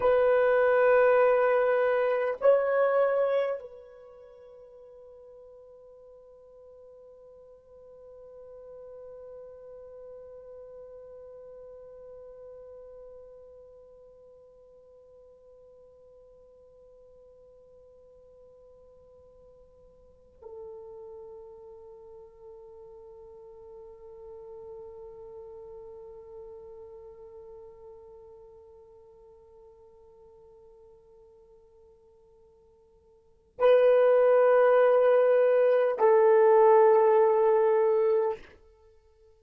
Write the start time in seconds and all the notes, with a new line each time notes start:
0.00 B4
2.40 C#5
3.59 B4
20.42 A4
33.58 B4
35.98 A4